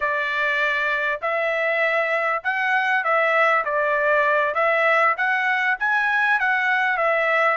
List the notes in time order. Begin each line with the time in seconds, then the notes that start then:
0.00 D5
1.21 E5
2.43 F#5
3.04 E5
3.64 D5
4.54 E5
5.17 F#5
5.79 G#5
6.39 F#5
6.97 E5